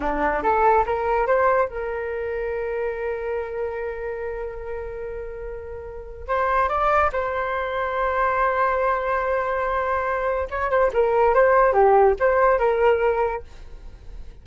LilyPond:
\new Staff \with { instrumentName = "flute" } { \time 4/4 \tempo 4 = 143 d'4 a'4 ais'4 c''4 | ais'1~ | ais'1~ | ais'2. c''4 |
d''4 c''2.~ | c''1~ | c''4 cis''8 c''8 ais'4 c''4 | g'4 c''4 ais'2 | }